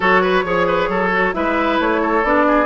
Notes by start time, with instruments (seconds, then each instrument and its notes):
0.00 bassoon F#3, clarinet F#4, oboe A4, flute C#5
0.21 oboe B4
0.43 bassoon F3, clarinet G#4, oboe C#5
0.66 oboe B4
0.88 bassoon F#3, oboe A4
1.12 clarinet F#4
1.33 bassoon G#3, clarinet E4, oboe B4, flute E5
1.79 bassoon A3, flute C#5
2.01 oboe A4
2.23 bassoon B3, clarinet D4, flute D5
2.47 oboe G#4